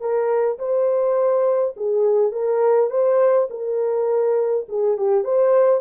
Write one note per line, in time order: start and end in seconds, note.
0.00 0.58 A#4
0.59 1.75 C5
1.76 2.32 G#4
2.32 2.90 A#4
2.90 3.48 C5
3.50 4.67 A#4
4.69 4.98 G#4
4.98 5.24 G4
5.24 5.81 C5